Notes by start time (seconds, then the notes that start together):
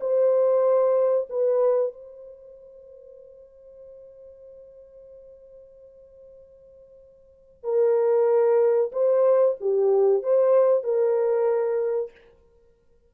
0.00 C5
1.29 B4
1.93 C5
7.63 A#4
8.92 C5
9.60 G4
10.22 C5
10.83 A#4